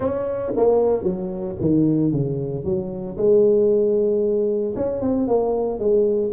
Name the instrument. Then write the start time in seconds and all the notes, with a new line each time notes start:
tuba
0.00 C#4
0.56 A#3
1.03 F#3
1.60 D#3
2.12 C#3
2.64 F#3
3.17 G#3
4.76 C#4
5.01 C4
5.27 A#3
5.79 G#3